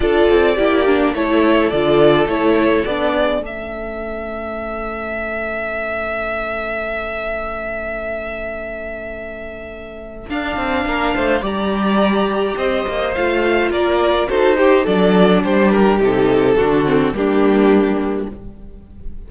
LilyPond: <<
  \new Staff \with { instrumentName = "violin" } { \time 4/4 \tempo 4 = 105 d''2 cis''4 d''4 | cis''4 d''4 e''2~ | e''1~ | e''1~ |
e''2 f''2 | ais''2 dis''4 f''4 | d''4 c''4 d''4 c''8 ais'8 | a'2 g'2 | }
  \new Staff \with { instrumentName = "violin" } { \time 4/4 a'4 g'4 a'2~ | a'4. gis'8 a'2~ | a'1~ | a'1~ |
a'2. ais'8 c''8 | d''2 c''2 | ais'4 a'8 g'8 a'4 g'4~ | g'4 fis'4 d'2 | }
  \new Staff \with { instrumentName = "viola" } { \time 4/4 f'4 e'8 d'8 e'4 f'4 | e'4 d'4 cis'2~ | cis'1~ | cis'1~ |
cis'2 d'2 | g'2. f'4~ | f'4 fis'8 g'8 d'2 | dis'4 d'8 c'8 ais2 | }
  \new Staff \with { instrumentName = "cello" } { \time 4/4 d'8 c'8 ais4 a4 d4 | a4 b4 a2~ | a1~ | a1~ |
a2 d'8 c'8 ais8 a8 | g2 c'8 ais8 a4 | ais4 dis'4 fis4 g4 | c4 d4 g2 | }
>>